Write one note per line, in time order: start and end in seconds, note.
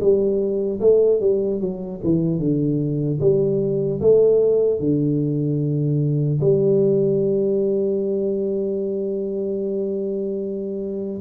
0.00 0.80 G3
0.80 1.20 A3
1.20 1.60 G3
1.60 2.00 F#3
2.04 2.39 E3
2.39 3.19 D3
3.20 4.00 G3
4.01 4.80 A3
4.80 6.40 D3
6.41 11.21 G3